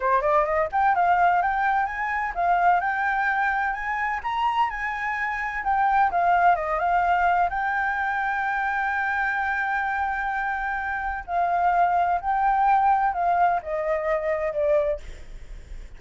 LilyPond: \new Staff \with { instrumentName = "flute" } { \time 4/4 \tempo 4 = 128 c''8 d''8 dis''8 g''8 f''4 g''4 | gis''4 f''4 g''2 | gis''4 ais''4 gis''2 | g''4 f''4 dis''8 f''4. |
g''1~ | g''1 | f''2 g''2 | f''4 dis''2 d''4 | }